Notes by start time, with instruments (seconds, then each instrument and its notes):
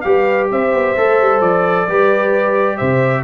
0.00 tuba G3, trombone G4, horn B4, trumpet F5
0.50 tuba C4, horn C5, trumpet E5
0.73 tuba B3
0.96 tuba A3, trombone A4
1.21 tuba G3
1.40 tuba F3, trumpet D5
1.88 tuba G3, trombone G4, horn B4
2.77 tuba C3, horn C5, trumpet E5